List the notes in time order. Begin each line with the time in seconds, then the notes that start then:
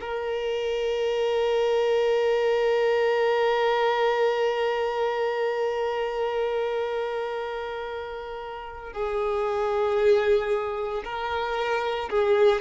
0.00 A#4
8.92 G#4
11.04 A#4
12.09 G#4